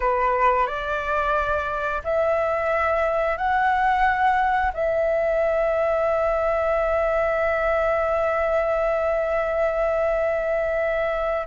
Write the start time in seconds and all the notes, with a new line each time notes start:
0.00 B4
0.66 D5
2.04 E5
3.37 F#5
4.73 E5